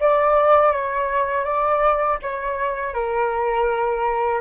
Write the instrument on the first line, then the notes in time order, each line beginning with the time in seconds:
flute
0.00 D5
0.72 C#5
1.44 D5
2.22 C#5
2.94 A#4